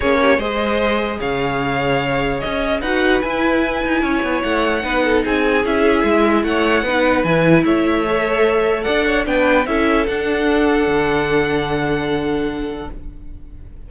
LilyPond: <<
  \new Staff \with { instrumentName = "violin" } { \time 4/4 \tempo 4 = 149 cis''4 dis''2 f''4~ | f''2 dis''4 fis''4 | gis''2. fis''4~ | fis''4 gis''4 e''2 |
fis''2 gis''4 e''4~ | e''2 fis''4 g''4 | e''4 fis''2.~ | fis''1 | }
  \new Staff \with { instrumentName = "violin" } { \time 4/4 gis'8 g'8 c''2 cis''4~ | cis''2. b'4~ | b'2 cis''2 | b'8 a'8 gis'2. |
cis''4 b'2 cis''4~ | cis''2 d''8 cis''8 b'4 | a'1~ | a'1 | }
  \new Staff \with { instrumentName = "viola" } { \time 4/4 cis'4 gis'2.~ | gis'2. fis'4 | e'1 | dis'2 e'2~ |
e'4 dis'4 e'2 | a'2. d'4 | e'4 d'2.~ | d'1 | }
  \new Staff \with { instrumentName = "cello" } { \time 4/4 ais4 gis2 cis4~ | cis2 cis'4 dis'4 | e'4. dis'8 cis'8 b8 a4 | b4 c'4 cis'4 gis4 |
a4 b4 e4 a4~ | a2 d'4 b4 | cis'4 d'2 d4~ | d1 | }
>>